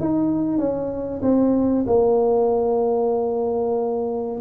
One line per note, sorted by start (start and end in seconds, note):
0.00 0.58 D#4
0.58 1.21 C#4
1.22 1.85 C4
1.87 4.40 A#3